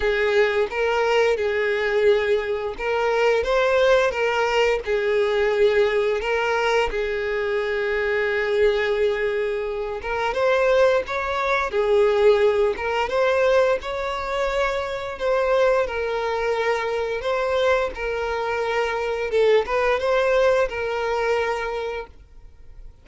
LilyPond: \new Staff \with { instrumentName = "violin" } { \time 4/4 \tempo 4 = 87 gis'4 ais'4 gis'2 | ais'4 c''4 ais'4 gis'4~ | gis'4 ais'4 gis'2~ | gis'2~ gis'8 ais'8 c''4 |
cis''4 gis'4. ais'8 c''4 | cis''2 c''4 ais'4~ | ais'4 c''4 ais'2 | a'8 b'8 c''4 ais'2 | }